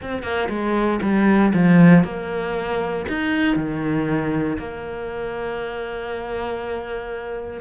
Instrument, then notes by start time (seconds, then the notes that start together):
cello
0.01 C4
0.23 A#3
0.49 G#3
1.02 G3
1.53 F3
2.04 A#3
3.08 D#4
3.55 D#3
4.58 A#3